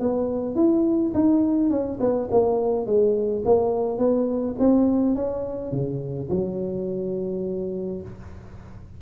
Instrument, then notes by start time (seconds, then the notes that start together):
tuba
0.00 B3
0.55 E4
1.14 D#4
1.70 C#4
2.00 B3
2.31 A#3
2.86 G#3
3.45 A#3
3.98 B3
4.59 C4
5.16 C#4
5.72 C#3
6.30 F#3